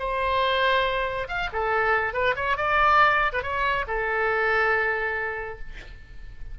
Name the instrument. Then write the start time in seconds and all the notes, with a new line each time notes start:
oboe
0.00 C5
1.29 F5
1.53 A4
2.14 B4
2.36 C#5
2.58 D5
3.33 B4
3.43 C#5
3.88 A4